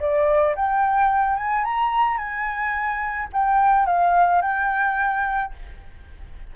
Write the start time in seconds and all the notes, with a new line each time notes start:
0.00 D5
0.56 G5
1.37 G#5
1.65 A#5
2.18 G#5
3.33 G5
3.86 F5
4.42 G5